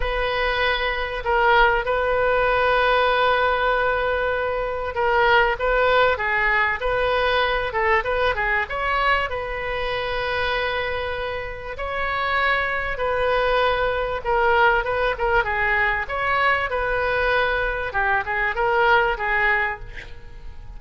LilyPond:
\new Staff \with { instrumentName = "oboe" } { \time 4/4 \tempo 4 = 97 b'2 ais'4 b'4~ | b'1 | ais'4 b'4 gis'4 b'4~ | b'8 a'8 b'8 gis'8 cis''4 b'4~ |
b'2. cis''4~ | cis''4 b'2 ais'4 | b'8 ais'8 gis'4 cis''4 b'4~ | b'4 g'8 gis'8 ais'4 gis'4 | }